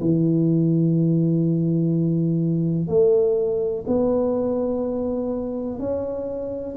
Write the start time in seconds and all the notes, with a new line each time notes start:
0.00 E3
2.88 A3
3.87 B3
5.79 C#4